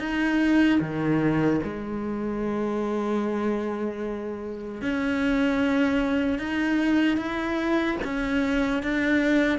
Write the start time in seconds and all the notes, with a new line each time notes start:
0.00 D#4
0.81 D#3
1.64 G#3
4.82 C#4
6.39 D#4
7.17 E4
8.05 C#4
8.83 D4